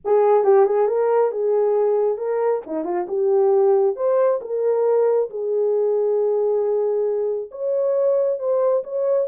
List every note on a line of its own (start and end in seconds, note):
0.04 0.44 G#4
0.44 0.65 G4
0.65 0.87 G#4
0.87 1.31 A#4
1.31 2.17 G#4
2.17 2.61 A#4
2.66 2.84 D#4
2.84 3.06 F4
3.08 3.95 G4
3.95 4.40 C5
4.41 5.29 A#4
5.30 7.50 G#4
7.51 8.39 C#5
8.39 8.83 C5
8.83 9.27 C#5